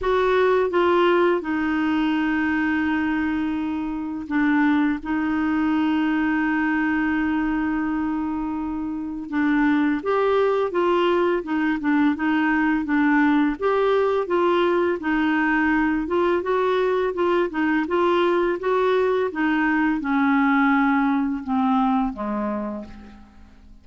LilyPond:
\new Staff \with { instrumentName = "clarinet" } { \time 4/4 \tempo 4 = 84 fis'4 f'4 dis'2~ | dis'2 d'4 dis'4~ | dis'1~ | dis'4 d'4 g'4 f'4 |
dis'8 d'8 dis'4 d'4 g'4 | f'4 dis'4. f'8 fis'4 | f'8 dis'8 f'4 fis'4 dis'4 | cis'2 c'4 gis4 | }